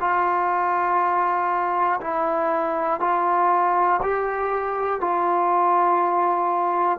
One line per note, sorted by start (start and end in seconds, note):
0.00 2.00 F4
2.00 3.00 E4
3.00 4.00 F4
4.02 5.00 G4
5.00 6.99 F4